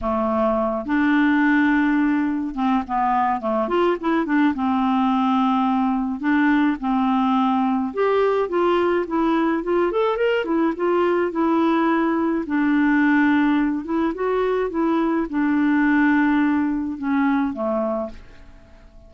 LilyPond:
\new Staff \with { instrumentName = "clarinet" } { \time 4/4 \tempo 4 = 106 a4. d'2~ d'8~ | d'8 c'8 b4 a8 f'8 e'8 d'8 | c'2. d'4 | c'2 g'4 f'4 |
e'4 f'8 a'8 ais'8 e'8 f'4 | e'2 d'2~ | d'8 e'8 fis'4 e'4 d'4~ | d'2 cis'4 a4 | }